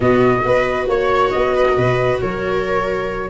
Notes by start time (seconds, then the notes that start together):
0.00 B2 B3 F#4 D#5
0.42 B3 F#4 B4
0.88 A#3 C#5
1.30 B3 D#5
1.55 B4
1.69 A#4
1.76 B2 B4
2.20 F#3 A#4 C#5